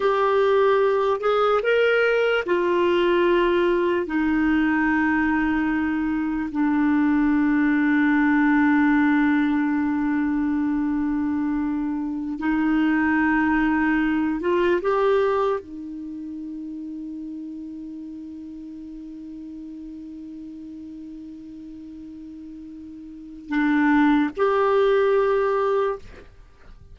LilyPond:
\new Staff \with { instrumentName = "clarinet" } { \time 4/4 \tempo 4 = 74 g'4. gis'8 ais'4 f'4~ | f'4 dis'2. | d'1~ | d'2.~ d'16 dis'8.~ |
dis'4.~ dis'16 f'8 g'4 dis'8.~ | dis'1~ | dis'1~ | dis'4 d'4 g'2 | }